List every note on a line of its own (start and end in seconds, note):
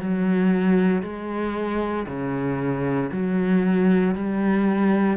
0.00 1.03 F#3
1.03 2.06 G#3
2.07 3.10 C#3
3.12 4.15 F#3
4.15 5.17 G3